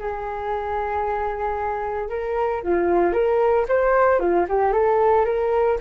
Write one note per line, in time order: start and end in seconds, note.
0.00 2.10 G#4
2.10 2.63 A#4
2.63 3.13 F4
3.13 3.66 A#4
3.69 4.20 C5
4.20 4.46 F4
4.49 4.73 G4
4.73 5.26 A4
5.26 5.79 A#4